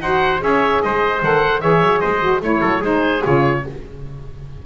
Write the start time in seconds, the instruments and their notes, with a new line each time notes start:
0.00 double bass D#4, saxophone F#4, trumpet C5, oboe F#5
0.39 double bass C#4, saxophone G#4, trumpet C#5, oboe E5
0.82 double bass G#3, trumpet C5, oboe D#5
1.22 double bass D#3, saxophone A4, oboe F#5
1.60 double bass E3, saxophone G#4, trumpet C#5, oboe E5
1.81 double bass F#3
1.99 double bass G#3, trumpet C5, oboe D#5
2.20 saxophone F#4
2.41 double bass A3, saxophone E4, oboe C#5, trumpet C#5
2.61 double bass F#3, trumpet A4
2.80 double bass G#3, saxophone D#4, trumpet G#4, oboe C5
3.22 double bass C#3, saxophone F4, oboe C#5